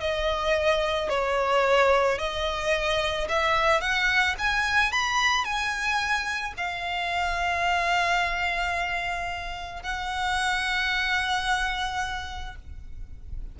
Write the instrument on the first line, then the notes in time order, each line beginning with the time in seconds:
violin
0.00 D#5
1.09 C#5
2.18 D#5
3.29 E5
3.81 F#5
4.38 G#5
4.92 B5
5.44 G#5
6.57 F5
9.83 F#5